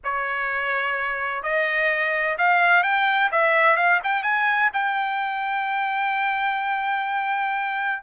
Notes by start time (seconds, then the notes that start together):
0.04 C#5
1.42 D#5
2.38 F5
2.83 G5
3.31 E5
3.76 F5
4.03 G5
4.22 G#5
4.73 G5